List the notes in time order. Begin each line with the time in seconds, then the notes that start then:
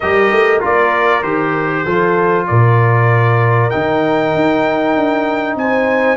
0.00 G3 G4 A#4 D#5
0.31 A3
0.60 A#3 F4 D5
1.22 D#3 G4 C5
1.84 F3 F4 A4
2.47 A#2 A#4 D5
3.70 D#3 D#4 G5
4.34 D#4
4.95 D4
5.55 C4 C5 G#5